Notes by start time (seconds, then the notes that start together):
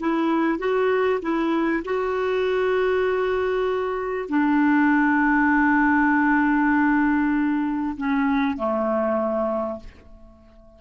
0.00 E4
0.59 F#4
1.22 E4
1.85 F#4
4.29 D4
7.97 C#4
8.57 A3